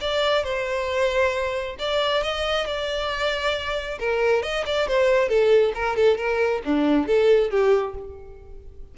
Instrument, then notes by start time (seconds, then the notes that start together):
violin
0.00 D5
0.44 C5
1.78 D5
2.22 D#5
2.66 D5
3.99 A#4
4.42 D#5
4.65 D5
4.87 C5
5.28 A4
5.74 A#4
5.96 A4
6.17 A#4
6.64 D4
7.06 A4
7.50 G4